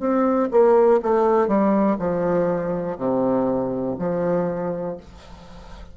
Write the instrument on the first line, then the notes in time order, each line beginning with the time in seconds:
bassoon
0.00 C4
0.51 A#3
1.02 A3
1.48 G3
1.99 F3
2.97 C3
3.99 F3